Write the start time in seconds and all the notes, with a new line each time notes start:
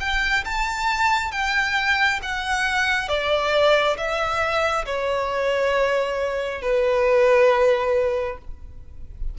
0.00 G5
0.45 A5
1.32 G5
2.23 F#5
3.08 D5
3.97 E5
4.85 C#5
6.61 B4